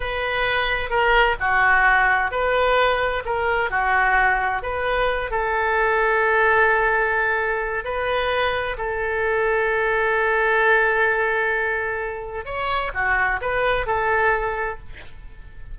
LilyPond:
\new Staff \with { instrumentName = "oboe" } { \time 4/4 \tempo 4 = 130 b'2 ais'4 fis'4~ | fis'4 b'2 ais'4 | fis'2 b'4. a'8~ | a'1~ |
a'4 b'2 a'4~ | a'1~ | a'2. cis''4 | fis'4 b'4 a'2 | }